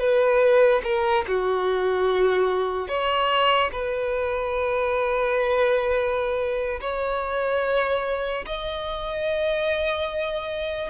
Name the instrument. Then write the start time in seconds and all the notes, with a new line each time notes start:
violin
0.00 B4
0.84 A#4
1.28 F#4
2.88 C#5
3.72 B4
6.81 C#5
8.47 D#5